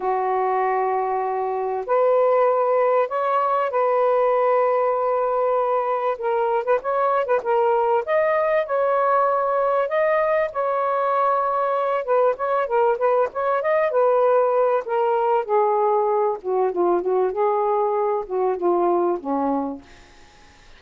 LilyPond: \new Staff \with { instrumentName = "saxophone" } { \time 4/4 \tempo 4 = 97 fis'2. b'4~ | b'4 cis''4 b'2~ | b'2 ais'8. b'16 cis''8. b'16 | ais'4 dis''4 cis''2 |
dis''4 cis''2~ cis''8 b'8 | cis''8 ais'8 b'8 cis''8 dis''8 b'4. | ais'4 gis'4. fis'8 f'8 fis'8 | gis'4. fis'8 f'4 cis'4 | }